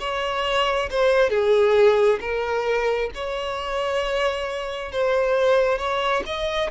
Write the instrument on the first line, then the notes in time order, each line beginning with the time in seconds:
violin
0.00 C#5
0.90 C5
1.30 G#4
2.21 A#4
3.15 C#5
4.92 C5
5.78 C#5
6.26 D#5